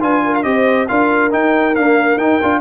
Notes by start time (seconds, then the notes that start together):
0.00 D4 F4 B4 G#5
0.25 A#4
0.34 F5
0.43 C4 G4 C5 D#5
0.87 D4 F4 A#4 F5
1.31 D#4 G5
1.75 A#3 D4 F5
2.16 D#4 G5
2.42 D4 F4